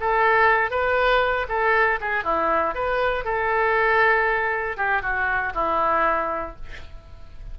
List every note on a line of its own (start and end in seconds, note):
0.00 0.70 A4
0.70 1.47 B4
1.49 1.99 A4
2.01 2.24 G#4
2.24 2.75 E4
2.75 3.24 B4
3.24 4.77 A4
4.77 5.02 G4
5.02 5.53 F#4
5.54 6.56 E4